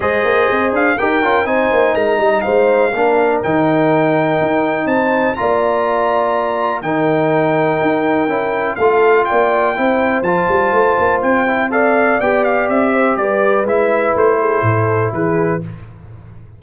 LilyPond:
<<
  \new Staff \with { instrumentName = "trumpet" } { \time 4/4 \tempo 4 = 123 dis''4. f''8 g''4 gis''4 | ais''4 f''2 g''4~ | g''2 a''4 ais''4~ | ais''2 g''2~ |
g''2 f''4 g''4~ | g''4 a''2 g''4 | f''4 g''8 f''8 e''4 d''4 | e''4 c''2 b'4 | }
  \new Staff \with { instrumentName = "horn" } { \time 4/4 c''2 ais'4 c''4 | ais'8 dis''8 c''4 ais'2~ | ais'2 c''4 d''4~ | d''2 ais'2~ |
ais'2 a'4 d''4 | c''1 | d''2~ d''8 c''8 b'4~ | b'4. gis'8 a'4 gis'4 | }
  \new Staff \with { instrumentName = "trombone" } { \time 4/4 gis'2 g'8 f'8 dis'4~ | dis'2 d'4 dis'4~ | dis'2. f'4~ | f'2 dis'2~ |
dis'4 e'4 f'2 | e'4 f'2~ f'8 e'8 | a'4 g'2. | e'1 | }
  \new Staff \with { instrumentName = "tuba" } { \time 4/4 gis8 ais8 c'8 d'8 dis'8 cis'8 c'8 ais8 | gis8 g8 gis4 ais4 dis4~ | dis4 dis'4 c'4 ais4~ | ais2 dis2 |
dis'4 cis'4 a4 ais4 | c'4 f8 g8 a8 ais8 c'4~ | c'4 b4 c'4 g4 | gis4 a4 a,4 e4 | }
>>